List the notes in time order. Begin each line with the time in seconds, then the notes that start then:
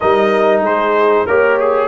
0.00 G3 D#4 A#4 D#5
0.61 G#3 G#4 C5
1.26 A#3 G4 A#4 C#5
1.59 G#4